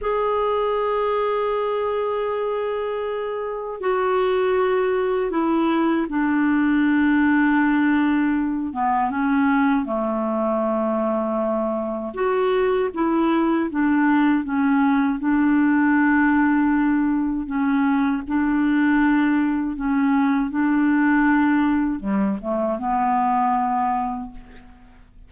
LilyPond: \new Staff \with { instrumentName = "clarinet" } { \time 4/4 \tempo 4 = 79 gis'1~ | gis'4 fis'2 e'4 | d'2.~ d'8 b8 | cis'4 a2. |
fis'4 e'4 d'4 cis'4 | d'2. cis'4 | d'2 cis'4 d'4~ | d'4 g8 a8 b2 | }